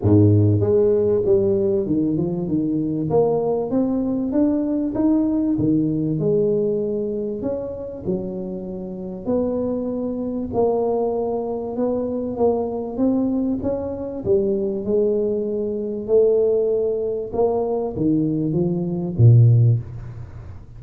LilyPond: \new Staff \with { instrumentName = "tuba" } { \time 4/4 \tempo 4 = 97 gis,4 gis4 g4 dis8 f8 | dis4 ais4 c'4 d'4 | dis'4 dis4 gis2 | cis'4 fis2 b4~ |
b4 ais2 b4 | ais4 c'4 cis'4 g4 | gis2 a2 | ais4 dis4 f4 ais,4 | }